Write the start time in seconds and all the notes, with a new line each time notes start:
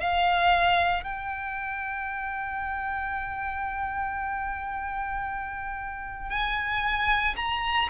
0.00 F5
1.04 G5
6.30 G#5
7.36 A#5